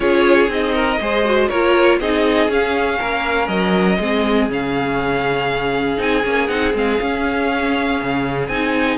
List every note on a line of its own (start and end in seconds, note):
0.00 0.47 C#4
0.00 0.48 F4
0.00 0.74 G#4
0.00 0.50 C#5
0.47 0.97 C4
0.47 0.98 D#4
0.47 1.49 D#5
0.74 0.99 A#4
1.00 1.50 G#3
1.00 1.24 G#4
1.00 1.49 C5
1.24 1.49 F#4
1.49 2.00 A#3
1.49 2.01 F4
1.49 1.99 A#4
1.49 1.99 C#5
2.00 2.48 C4
2.00 2.49 D#4
2.00 2.99 G#4
2.00 2.50 D#5
2.48 2.98 C#4
2.48 3.99 C#4
2.48 3.47 F5
2.99 3.48 A#3
2.99 3.99 A#4
3.47 3.98 F#3
3.47 4.47 D#5
3.99 4.48 G#3
3.99 4.50 C4
3.99 8.97 G#4
4.48 5.98 C#3
4.48 5.97 C#4
4.48 6.01 F5
5.97 6.23 C4
5.97 6.22 D#4
5.97 6.47 G#5
6.24 6.49 A#3
6.24 6.48 C#4
6.47 6.74 C4
6.47 6.73 D#4
6.47 6.72 F#5
6.73 6.99 G#3
6.73 6.98 C4
6.73 8.48 F5
7.01 8.01 C#4
7.01 8.51 C#4
8.02 8.48 C#3
8.48 8.97 C4
8.48 8.97 D#4
8.48 8.97 G#5